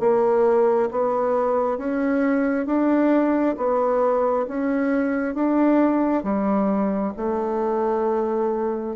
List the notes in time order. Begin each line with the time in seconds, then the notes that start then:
0.00 A#3
0.92 B3
1.78 C#4
2.67 D4
3.57 B3
4.48 C#4
5.35 D4
6.24 G3
7.17 A3